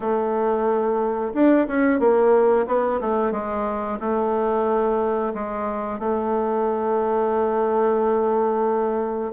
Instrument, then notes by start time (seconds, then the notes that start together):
bassoon
0.00 A3
1.33 D4
1.67 C#4
1.99 A#3
2.66 B3
3.01 A3
3.31 G#3
3.99 A3
5.33 G#3
5.99 A3